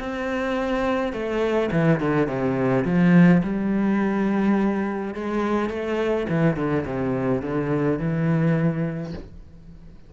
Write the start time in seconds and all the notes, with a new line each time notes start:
0.00 C4
1.13 A3
1.72 E3
2.00 D3
2.28 C3
2.85 F3
3.43 G3
5.15 G#3
5.70 A3
6.29 E3
6.57 D3
6.86 C3
7.42 D3
7.99 E3